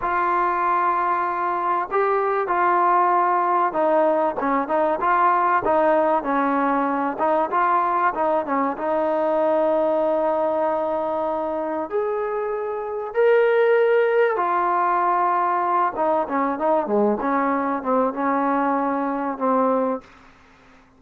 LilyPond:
\new Staff \with { instrumentName = "trombone" } { \time 4/4 \tempo 4 = 96 f'2. g'4 | f'2 dis'4 cis'8 dis'8 | f'4 dis'4 cis'4. dis'8 | f'4 dis'8 cis'8 dis'2~ |
dis'2. gis'4~ | gis'4 ais'2 f'4~ | f'4. dis'8 cis'8 dis'8 gis8 cis'8~ | cis'8 c'8 cis'2 c'4 | }